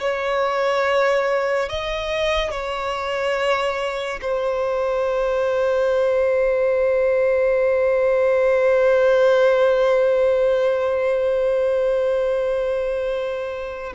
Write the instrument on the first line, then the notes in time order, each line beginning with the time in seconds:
violin
0.00 C#5
1.69 D#5
2.51 C#5
4.21 C5